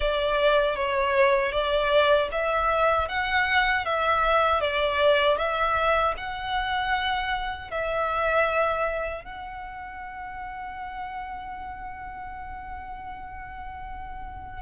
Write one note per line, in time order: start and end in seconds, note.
0.00 0.76 D5
0.76 1.52 C#5
1.52 2.29 D5
2.31 3.08 E5
3.08 3.85 F#5
3.85 4.60 E5
4.60 5.37 D5
5.37 6.14 E5
6.17 7.71 F#5
7.71 9.24 E5
9.24 14.62 F#5